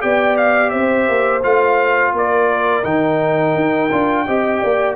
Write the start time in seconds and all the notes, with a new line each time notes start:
0.00 B3 G4 D5 G5
0.37 F5
0.70 C4 C5 E5
1.09 A#3
1.43 A3 F4 F5
2.13 A#3 A#4 D5
2.84 D#3 D#4 G5
3.55 D#4
3.91 D4 F4
4.27 C4 G4 D#5
4.61 A#3 D5